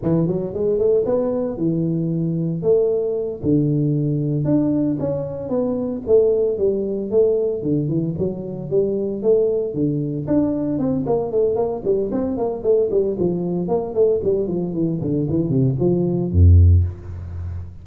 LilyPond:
\new Staff \with { instrumentName = "tuba" } { \time 4/4 \tempo 4 = 114 e8 fis8 gis8 a8 b4 e4~ | e4 a4. d4.~ | d8 d'4 cis'4 b4 a8~ | a8 g4 a4 d8 e8 fis8~ |
fis8 g4 a4 d4 d'8~ | d'8 c'8 ais8 a8 ais8 g8 c'8 ais8 | a8 g8 f4 ais8 a8 g8 f8 | e8 d8 e8 c8 f4 f,4 | }